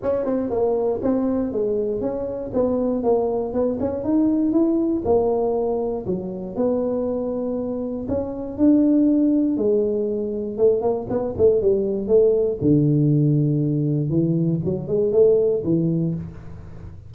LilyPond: \new Staff \with { instrumentName = "tuba" } { \time 4/4 \tempo 4 = 119 cis'8 c'8 ais4 c'4 gis4 | cis'4 b4 ais4 b8 cis'8 | dis'4 e'4 ais2 | fis4 b2. |
cis'4 d'2 gis4~ | gis4 a8 ais8 b8 a8 g4 | a4 d2. | e4 fis8 gis8 a4 e4 | }